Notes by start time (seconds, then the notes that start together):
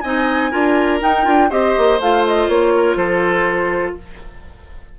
0.00 C4 D#4 D#5 G#5
0.50 D4 F4 A#4
1.00 D#4 G5
1.24 D4 F4
1.49 C4 G4 C5 D#5
1.77 A#3
1.99 A3 F4 F5
2.26 D#5
2.48 A#3 C#5
2.75 A#4
2.95 F3 A4 C5